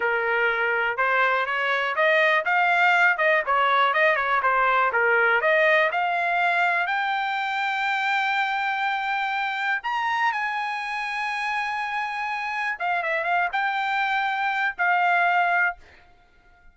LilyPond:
\new Staff \with { instrumentName = "trumpet" } { \time 4/4 \tempo 4 = 122 ais'2 c''4 cis''4 | dis''4 f''4. dis''8 cis''4 | dis''8 cis''8 c''4 ais'4 dis''4 | f''2 g''2~ |
g''1 | ais''4 gis''2.~ | gis''2 f''8 e''8 f''8 g''8~ | g''2 f''2 | }